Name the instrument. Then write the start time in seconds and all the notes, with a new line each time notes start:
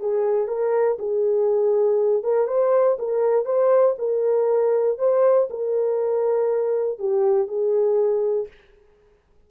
horn
0.00 G#4
0.48 A#4
0.99 G#4
2.23 A#4
2.47 C5
2.99 A#4
3.45 C5
3.98 A#4
4.98 C5
5.50 A#4
6.99 G4
7.48 G#4